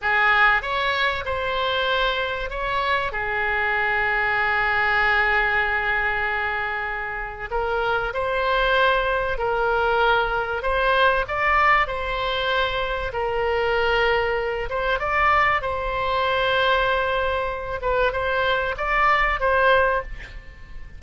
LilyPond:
\new Staff \with { instrumentName = "oboe" } { \time 4/4 \tempo 4 = 96 gis'4 cis''4 c''2 | cis''4 gis'2.~ | gis'1 | ais'4 c''2 ais'4~ |
ais'4 c''4 d''4 c''4~ | c''4 ais'2~ ais'8 c''8 | d''4 c''2.~ | c''8 b'8 c''4 d''4 c''4 | }